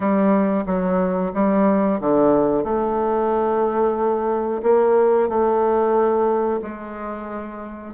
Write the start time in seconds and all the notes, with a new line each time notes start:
0.00 G3
0.66 F#3
1.34 G3
2.00 D3
2.63 A3
4.62 A#3
5.28 A3
6.61 G#3